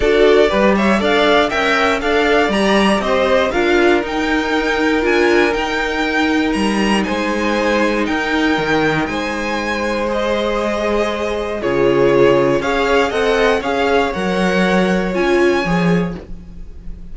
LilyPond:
<<
  \new Staff \with { instrumentName = "violin" } { \time 4/4 \tempo 4 = 119 d''4. e''8 f''4 g''4 | f''4 ais''4 dis''4 f''4 | g''2 gis''4 g''4~ | g''4 ais''4 gis''2 |
g''2 gis''2 | dis''2. cis''4~ | cis''4 f''4 fis''4 f''4 | fis''2 gis''2 | }
  \new Staff \with { instrumentName = "violin" } { \time 4/4 a'4 b'8 cis''8 d''4 e''4 | d''2 c''4 ais'4~ | ais'1~ | ais'2 c''2 |
ais'2 c''2~ | c''2. gis'4~ | gis'4 cis''4 dis''4 cis''4~ | cis''1 | }
  \new Staff \with { instrumentName = "viola" } { \time 4/4 fis'4 g'4 a'4 ais'4 | a'4 g'2 f'4 | dis'2 f'4 dis'4~ | dis'1~ |
dis'1 | gis'2. f'4~ | f'4 gis'4 a'4 gis'4 | ais'2 f'4 gis'4 | }
  \new Staff \with { instrumentName = "cello" } { \time 4/4 d'4 g4 d'4 cis'4 | d'4 g4 c'4 d'4 | dis'2 d'4 dis'4~ | dis'4 g4 gis2 |
dis'4 dis4 gis2~ | gis2. cis4~ | cis4 cis'4 c'4 cis'4 | fis2 cis'4 f4 | }
>>